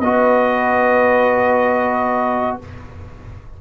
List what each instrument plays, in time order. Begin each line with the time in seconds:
0.00 tuba B3, trombone F#4, horn B4, trumpet D#5